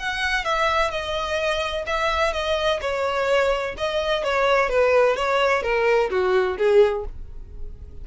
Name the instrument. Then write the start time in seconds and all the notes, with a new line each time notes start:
violin
0.00 F#5
0.45 E5
0.91 D#5
1.87 E5
2.33 D#5
2.82 C#5
3.78 D#5
4.24 C#5
4.70 B4
5.17 C#5
5.63 A#4
6.11 F#4
6.58 G#4